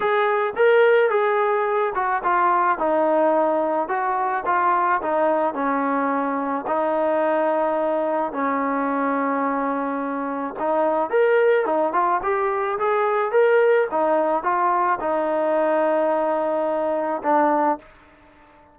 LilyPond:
\new Staff \with { instrumentName = "trombone" } { \time 4/4 \tempo 4 = 108 gis'4 ais'4 gis'4. fis'8 | f'4 dis'2 fis'4 | f'4 dis'4 cis'2 | dis'2. cis'4~ |
cis'2. dis'4 | ais'4 dis'8 f'8 g'4 gis'4 | ais'4 dis'4 f'4 dis'4~ | dis'2. d'4 | }